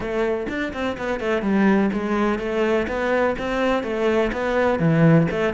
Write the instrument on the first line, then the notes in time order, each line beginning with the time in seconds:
cello
0.00 A3
0.48 D4
0.73 C4
0.97 B3
1.20 A3
1.42 G3
1.92 G#3
2.38 A3
2.87 B3
3.38 C4
3.83 A3
4.32 B3
4.79 E3
5.30 A3